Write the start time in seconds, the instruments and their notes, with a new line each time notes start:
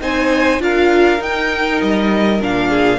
0.00 cello C4, viola D#4, violin C5 G#5
0.60 cello D4, viola F4, violin A#4 F5
1.18 viola D#4, cello D#4, violin G5
1.81 cello G3, violin D#5
2.40 cello A#2, viola D4, violin F5
2.69 violin G#4